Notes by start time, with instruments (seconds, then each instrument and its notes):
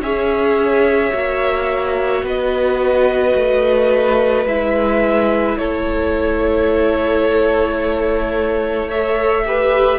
0.00 cello C#4, viola G#4, violin C#5 E5
1.13 cello A#3, viola F#4
2.23 cello B3, violin B4 D#5
3.35 cello A3
4.46 cello G#3, viola E4, violin E5
5.58 cello A3, violin A4 C#5
8.88 viola A4, violin C#5 E5
9.45 viola G4, violin B4